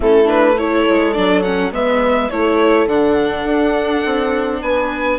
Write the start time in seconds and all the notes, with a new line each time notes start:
0.00 A3 C#4 E4 A4
0.25 D4 B4
0.58 E4 A4 C#5
0.89 G#3
1.13 F#3 D4 D5
1.42 C#4 F#5
1.72 G#3 B3 B4 E5
2.30 A3 E4 A4 C#5
2.86 D3 D4 F#5
3.44 D4
4.05 C4
4.62 B3 B4 G#5